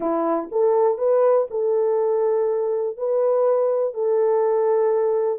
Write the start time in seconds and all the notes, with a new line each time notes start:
0.00 E4
0.51 A4
0.98 B4
1.50 A4
2.97 B4
3.93 A4